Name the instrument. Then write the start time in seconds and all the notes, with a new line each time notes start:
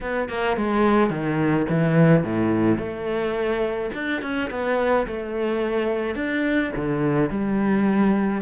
cello
0.00 B3
0.29 A#3
0.56 G#3
1.10 D#3
1.69 E3
2.23 A2
2.78 A3
3.94 D4
4.22 C#4
4.50 B3
5.06 A3
6.15 D4
6.75 D3
7.30 G3